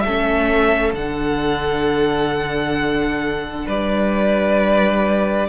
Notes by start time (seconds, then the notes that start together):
0.00 A3 C#4 A4 E5
0.93 D3 D4 F#5
3.67 G3 B4 D5